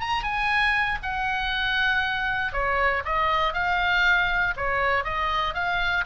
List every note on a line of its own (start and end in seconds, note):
0.00 0.22 A#5
0.22 0.98 G#5
1.02 2.52 F#5
2.52 3.03 C#5
3.05 3.53 D#5
3.53 4.54 F5
4.56 5.04 C#5
5.04 5.54 D#5
5.54 6.05 F5